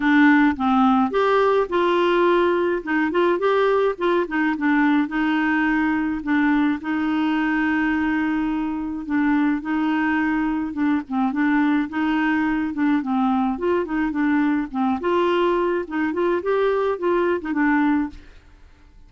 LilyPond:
\new Staff \with { instrumentName = "clarinet" } { \time 4/4 \tempo 4 = 106 d'4 c'4 g'4 f'4~ | f'4 dis'8 f'8 g'4 f'8 dis'8 | d'4 dis'2 d'4 | dis'1 |
d'4 dis'2 d'8 c'8 | d'4 dis'4. d'8 c'4 | f'8 dis'8 d'4 c'8 f'4. | dis'8 f'8 g'4 f'8. dis'16 d'4 | }